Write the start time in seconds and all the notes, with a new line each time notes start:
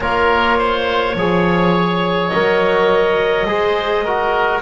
0.00 A#3 F4 A#4 C#5
0.58 C5
1.15 F3 G#4 C#5
2.27 A#4 D#5
2.33 F#3
3.45 G#3 G#4 C5
4.04 F#4 A#4